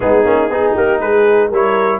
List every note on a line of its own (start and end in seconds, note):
0.00 0.24 G#3
0.00 0.24 B3
0.00 0.51 D#4
0.00 0.73 G#4
0.24 0.49 A#3
0.24 0.49 C#4
0.49 0.74 B3
0.49 1.52 D#4
0.49 0.74 G#4
0.74 1.00 A#3
0.74 0.99 G4
0.74 1.00 A#4
0.99 1.50 G#3
0.99 1.48 G#4
0.99 1.50 B4
1.48 2.00 G3
1.48 2.00 E4
1.48 1.98 A#4
1.54 2.00 C#5